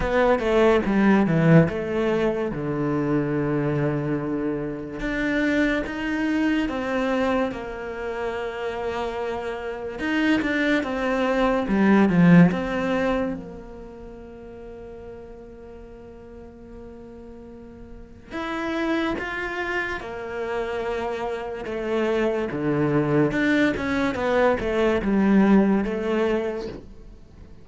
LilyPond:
\new Staff \with { instrumentName = "cello" } { \time 4/4 \tempo 4 = 72 b8 a8 g8 e8 a4 d4~ | d2 d'4 dis'4 | c'4 ais2. | dis'8 d'8 c'4 g8 f8 c'4 |
ais1~ | ais2 e'4 f'4 | ais2 a4 d4 | d'8 cis'8 b8 a8 g4 a4 | }